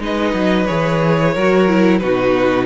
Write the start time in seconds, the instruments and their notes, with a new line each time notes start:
0.00 cello G#3, viola D#4, violin B4 D#5
0.34 cello F#3
0.67 cello E3, viola G#4, violin C#5
1.34 cello F#3, viola F#4, violin A#4
1.68 viola E4
1.99 cello B2, viola D#4, violin F#4 B4